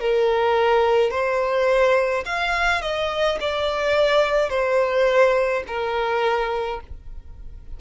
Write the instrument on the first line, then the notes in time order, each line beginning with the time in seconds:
violin
0.00 A#4
1.11 C5
2.26 F5
2.82 D#5
3.41 D5
4.50 C5
5.67 A#4